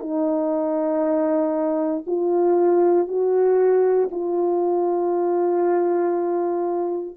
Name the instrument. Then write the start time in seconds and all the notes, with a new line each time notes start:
horn
0.00 D#4
2.07 F4
3.08 F#4
4.11 F4